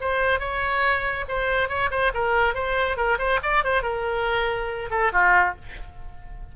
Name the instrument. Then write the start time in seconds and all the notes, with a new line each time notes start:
oboe
0.00 C5
0.39 C#5
1.28 C5
1.68 C#5
1.90 C5
2.14 A#4
2.54 C5
2.96 A#4
3.18 C5
3.42 D5
3.64 C5
3.82 A#4
4.90 A4
5.12 F4